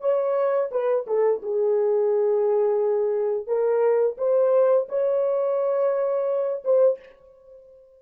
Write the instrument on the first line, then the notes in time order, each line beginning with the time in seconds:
horn
0.00 C#5
0.71 B4
1.06 A4
1.42 G#4
3.47 A#4
4.17 C5
4.88 C#5
6.64 C5